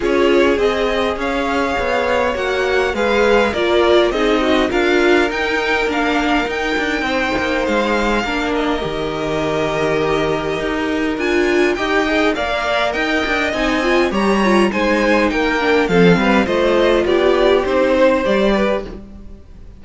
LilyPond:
<<
  \new Staff \with { instrumentName = "violin" } { \time 4/4 \tempo 4 = 102 cis''4 dis''4 f''2 | fis''4 f''4 d''4 dis''4 | f''4 g''4 f''4 g''4~ | g''4 f''4. dis''4.~ |
dis''2. gis''4 | g''4 f''4 g''4 gis''4 | ais''4 gis''4 g''4 f''4 | dis''4 d''4 c''4 d''4 | }
  \new Staff \with { instrumentName = "violin" } { \time 4/4 gis'2 cis''2~ | cis''4 b'4 ais'4 gis'8 fis'8 | ais'1 | c''2 ais'2~ |
ais'1 | dis''4 d''4 dis''2 | cis''4 c''4 ais'4 a'8 b'8 | c''4 g'4. c''4 b'8 | }
  \new Staff \with { instrumentName = "viola" } { \time 4/4 f'4 gis'2. | fis'4 gis'4 f'4 dis'4 | f'4 dis'4 d'4 dis'4~ | dis'2 d'4 g'4~ |
g'2. f'4 | g'8 gis'8 ais'2 dis'8 f'8 | g'8 f'8 dis'4. d'8 c'4 | f'2 dis'4 g'4 | }
  \new Staff \with { instrumentName = "cello" } { \time 4/4 cis'4 c'4 cis'4 b4 | ais4 gis4 ais4 c'4 | d'4 dis'4 ais4 dis'8 d'8 | c'8 ais8 gis4 ais4 dis4~ |
dis2 dis'4 d'4 | dis'4 ais4 dis'8 d'8 c'4 | g4 gis4 ais4 f8 g8 | a4 b4 c'4 g4 | }
>>